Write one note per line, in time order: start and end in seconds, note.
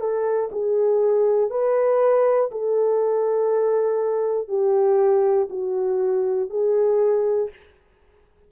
0.00 0.50 A4
0.51 1.50 G#4
1.50 2.50 B4
2.51 4.48 A4
4.48 5.48 G4
5.50 6.50 F#4
6.50 7.50 G#4